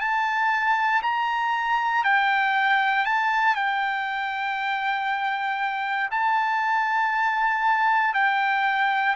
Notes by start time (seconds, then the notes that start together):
0.00 A5
1.02 A#5
2.03 G5
3.05 A5
3.55 G5
6.11 A5
8.14 G5